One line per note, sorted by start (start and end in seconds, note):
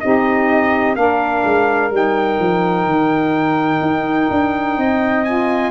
0.00 0.95 C4
0.00 0.95 D#4
0.00 0.97 G4
0.00 0.95 D#5
0.95 1.43 A#3
0.95 1.90 D4
0.95 4.78 A#4
0.95 1.91 F5
1.44 1.91 G#3
1.91 2.38 G3
1.91 5.25 D#4
1.91 5.24 G5
2.39 2.86 F3
2.86 3.81 D#3
3.81 4.29 D#4
4.30 4.77 D4
4.77 5.71 C4
4.77 5.71 D#5
5.24 5.71 F4
5.24 5.71 G#5